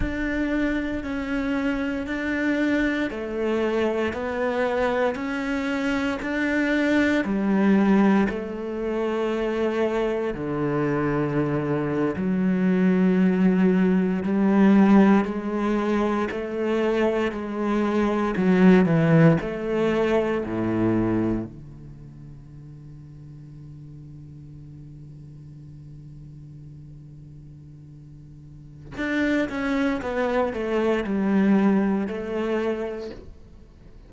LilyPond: \new Staff \with { instrumentName = "cello" } { \time 4/4 \tempo 4 = 58 d'4 cis'4 d'4 a4 | b4 cis'4 d'4 g4 | a2 d4.~ d16 fis16~ | fis4.~ fis16 g4 gis4 a16~ |
a8. gis4 fis8 e8 a4 a,16~ | a,8. d2.~ d16~ | d1 | d'8 cis'8 b8 a8 g4 a4 | }